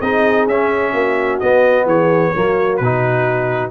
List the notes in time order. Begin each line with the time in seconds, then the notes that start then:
0.00 C4 D#4 G#4 D#5
0.47 C#4 E5
0.92 A#3 F#4
1.40 B3 D#5
1.86 E3 G#4 C#5
2.35 F#3 A#3 F#4
2.77 B2 B4
2.84 D#4